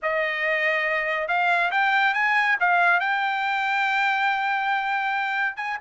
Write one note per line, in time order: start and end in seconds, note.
0.02 1.27 D#5
1.27 1.70 F5
1.71 2.14 G5
2.14 2.56 G#5
2.60 3.00 F5
3.00 5.56 G5
5.56 5.77 G#5